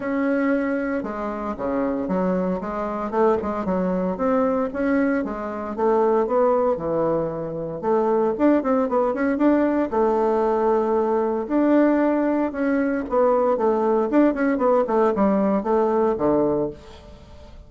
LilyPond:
\new Staff \with { instrumentName = "bassoon" } { \time 4/4 \tempo 4 = 115 cis'2 gis4 cis4 | fis4 gis4 a8 gis8 fis4 | c'4 cis'4 gis4 a4 | b4 e2 a4 |
d'8 c'8 b8 cis'8 d'4 a4~ | a2 d'2 | cis'4 b4 a4 d'8 cis'8 | b8 a8 g4 a4 d4 | }